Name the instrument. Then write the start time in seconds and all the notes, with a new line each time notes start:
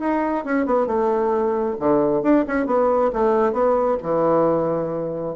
bassoon
0.00 D#4
0.45 C#4
0.66 B3
0.87 A3
1.80 D3
2.23 D4
2.47 C#4
2.66 B3
3.13 A3
3.53 B3
4.03 E3